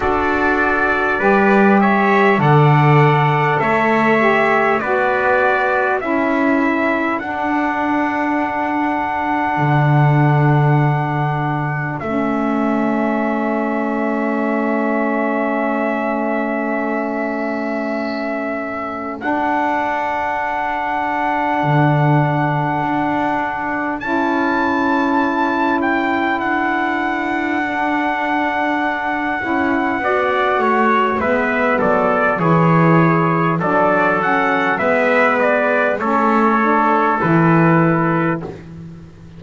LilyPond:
<<
  \new Staff \with { instrumentName = "trumpet" } { \time 4/4 \tempo 4 = 50 d''4. e''8 fis''4 e''4 | d''4 e''4 fis''2~ | fis''2 e''2~ | e''1 |
fis''1 | a''4. g''8 fis''2~ | fis''2 e''8 d''8 cis''4 | d''8 fis''8 e''8 d''8 cis''4 b'4 | }
  \new Staff \with { instrumentName = "trumpet" } { \time 4/4 a'4 b'8 cis''8 d''4 cis''4 | b'4 a'2.~ | a'1~ | a'1~ |
a'1~ | a'1~ | a'4 d''8 cis''8 b'8 a'8 gis'4 | a'4 b'4 a'2 | }
  \new Staff \with { instrumentName = "saxophone" } { \time 4/4 fis'4 g'4 a'4. g'8 | fis'4 e'4 d'2~ | d'2 cis'2~ | cis'1 |
d'1 | e'2. d'4~ | d'8 e'8 fis'4 b4 e'4 | d'8 cis'8 b4 cis'8 d'8 e'4 | }
  \new Staff \with { instrumentName = "double bass" } { \time 4/4 d'4 g4 d4 a4 | b4 cis'4 d'2 | d2 a2~ | a1 |
d'2 d4 d'4 | cis'2 d'2~ | d'8 cis'8 b8 a8 gis8 fis8 e4 | fis4 gis4 a4 e4 | }
>>